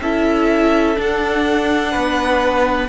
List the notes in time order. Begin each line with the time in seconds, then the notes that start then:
0.00 C#4 E4 A4 E5
0.96 D4 F#5
1.91 B3 B4